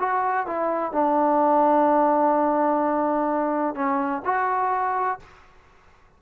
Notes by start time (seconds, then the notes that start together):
0.00 F#4
0.47 E4
0.93 D4
3.76 C#4
4.25 F#4